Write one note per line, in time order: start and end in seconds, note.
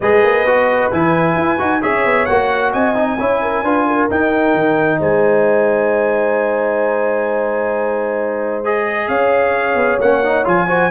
0.00 0.23 G#3
0.00 0.46 G#4
0.00 1.81 B4
0.00 0.91 D#5
0.23 0.44 A#3
0.44 0.90 B3
0.44 0.91 F#4
0.92 1.36 E3
0.92 1.58 E4
0.92 1.82 G#5
1.36 1.58 E4
1.58 1.83 D#4
1.58 1.81 F#4
1.81 2.04 C#4
1.81 2.27 G#4
1.81 2.72 C#5
1.81 2.25 E5
2.04 2.27 B3
2.25 2.73 A#3
2.25 2.95 F#4
2.25 2.71 F#5
2.72 3.18 C4
2.72 3.18 D#5
2.72 4.09 G#5
2.95 3.18 D#4
3.18 3.63 C#4
3.18 3.64 E4
3.18 3.41 C#5
3.41 3.63 A#4
3.63 4.08 D4
3.63 4.10 F4
3.63 3.86 B4
3.87 4.99 A#4
4.10 4.54 D#4
4.10 8.64 D#4
4.10 5.01 G5
4.54 4.99 D#3
4.99 9.08 G#3
4.99 9.08 C5
4.99 8.64 G#5
8.64 10.00 G#4
8.64 9.08 D#5
9.08 9.75 C#4
9.08 10.67 C#5
9.08 9.98 F5
9.75 9.97 B3
10.00 10.45 A#3
10.00 10.24 C#4
10.00 10.45 F#5
10.24 10.44 D#4
10.44 10.90 F3
10.44 10.67 F4
10.44 10.90 G#5
10.67 10.90 F#4
10.67 10.90 C5